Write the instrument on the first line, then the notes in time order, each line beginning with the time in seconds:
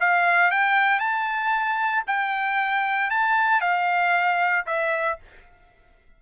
trumpet
0.00 F5
0.51 G5
0.99 A5
2.07 G5
3.10 A5
3.61 F5
4.66 E5